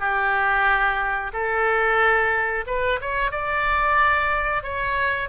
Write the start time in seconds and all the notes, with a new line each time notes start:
0.00 G4
1.33 A4
2.67 B4
3.01 C#5
3.32 D5
4.63 C#5